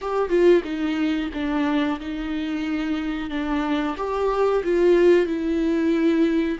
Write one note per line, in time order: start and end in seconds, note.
0.01 0.29 G4
0.29 0.62 F4
0.64 1.29 D#4
1.33 1.99 D4
1.99 3.30 D#4
3.30 3.96 D4
3.97 4.63 G4
4.64 5.26 F4
5.26 6.58 E4